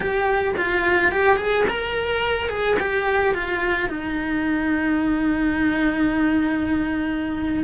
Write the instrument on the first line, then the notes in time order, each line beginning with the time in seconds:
cello
0.00 G4
0.57 F4
1.11 G4
1.36 G#4
1.68 A#4
2.48 G#4
2.79 G4
3.34 F4
3.89 D#4